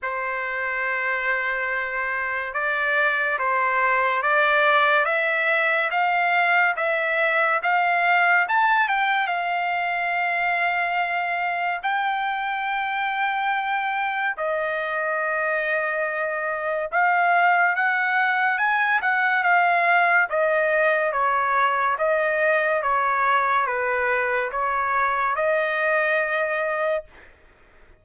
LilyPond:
\new Staff \with { instrumentName = "trumpet" } { \time 4/4 \tempo 4 = 71 c''2. d''4 | c''4 d''4 e''4 f''4 | e''4 f''4 a''8 g''8 f''4~ | f''2 g''2~ |
g''4 dis''2. | f''4 fis''4 gis''8 fis''8 f''4 | dis''4 cis''4 dis''4 cis''4 | b'4 cis''4 dis''2 | }